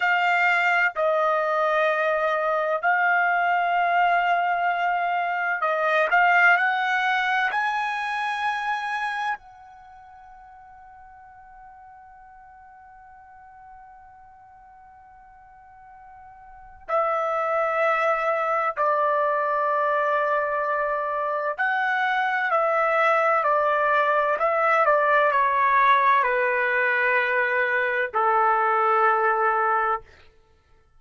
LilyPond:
\new Staff \with { instrumentName = "trumpet" } { \time 4/4 \tempo 4 = 64 f''4 dis''2 f''4~ | f''2 dis''8 f''8 fis''4 | gis''2 fis''2~ | fis''1~ |
fis''2 e''2 | d''2. fis''4 | e''4 d''4 e''8 d''8 cis''4 | b'2 a'2 | }